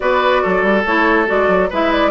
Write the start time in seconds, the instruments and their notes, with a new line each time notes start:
0.00 bassoon B3, clarinet F#4, oboe B4, flute D5
0.42 bassoon F#3, oboe A4
0.62 bassoon G3
0.85 bassoon A3, clarinet E4, flute C#5
1.26 bassoon G#3, clarinet F#4, flute D5
1.48 bassoon F#3
1.69 bassoon G#3, clarinet E4, oboe B4, flute E5
1.92 flute D5